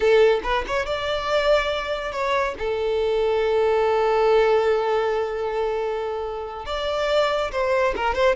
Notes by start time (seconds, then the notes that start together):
0.00 A4
0.43 B4
0.67 C#5
0.86 D5
2.12 C#5
2.58 A4
6.65 D5
7.51 C5
7.96 A#4
8.14 C5